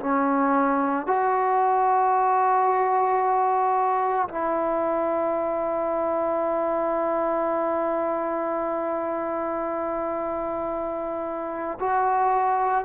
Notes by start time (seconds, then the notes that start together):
0.00 C#4
1.07 F#4
4.29 E4
11.80 F#4